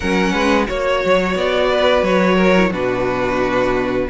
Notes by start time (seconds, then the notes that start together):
0.00 F#3 C#4 A#4 F#5
0.32 G#3 B4
0.66 A#3 F#4 C#5
1.04 F#3
1.35 B3 D5
1.69 B4
2.02 F#3 C#5
2.35 A#4
2.56 E4
2.71 B2 D4 F#4 B4